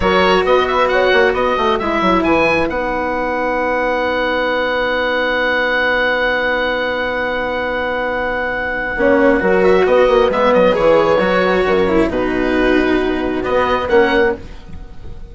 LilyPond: <<
  \new Staff \with { instrumentName = "oboe" } { \time 4/4 \tempo 4 = 134 cis''4 dis''8 e''8 fis''4 dis''4 | e''4 gis''4 fis''2~ | fis''1~ | fis''1~ |
fis''1~ | fis''4. e''8 dis''4 e''8 dis''8 | cis''2. b'4~ | b'2 dis''4 fis''4 | }
  \new Staff \with { instrumentName = "horn" } { \time 4/4 ais'4 b'4 cis''4 b'4~ | b'1~ | b'1~ | b'1~ |
b'1 | cis''4 ais'4 b'2~ | b'2 ais'4 fis'4~ | fis'2. ais'4 | }
  \new Staff \with { instrumentName = "cello" } { \time 4/4 fis'1 | e'2 dis'2~ | dis'1~ | dis'1~ |
dis'1 | cis'4 fis'2 b4 | gis'4 fis'4. e'8 dis'4~ | dis'2 b4 cis'4 | }
  \new Staff \with { instrumentName = "bassoon" } { \time 4/4 fis4 b4. ais8 b8 a8 | gis8 fis8 e4 b2~ | b1~ | b1~ |
b1 | ais4 fis4 b8 ais8 gis8 fis8 | e4 fis4 fis,4 b,4~ | b,2 b4 ais4 | }
>>